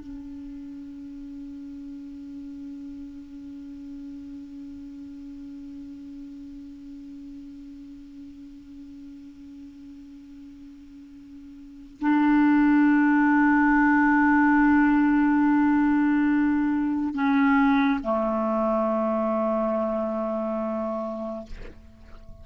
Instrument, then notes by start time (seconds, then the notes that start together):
clarinet
0.00 C#4
12.01 D4
17.14 C#4
18.04 A3